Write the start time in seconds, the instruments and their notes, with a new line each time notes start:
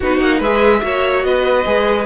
0.00 cello B3, viola D#4, violin F#4 B4
0.20 cello A#3, violin F#5
0.38 cello G#3, viola G#4, violin B4 E5
0.81 cello A#3, viola F#4, violin C#5
1.23 cello B3, violin B4 D#5
1.65 cello G#3, viola G#4